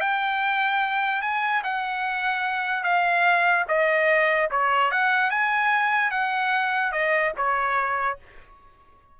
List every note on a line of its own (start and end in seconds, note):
0.00 1.21 G5
1.21 1.62 G#5
1.63 2.83 F#5
2.83 3.65 F5
3.68 4.49 D#5
4.51 4.91 C#5
4.91 5.30 F#5
5.30 6.11 G#5
6.11 6.91 F#5
6.91 7.32 D#5
7.37 8.18 C#5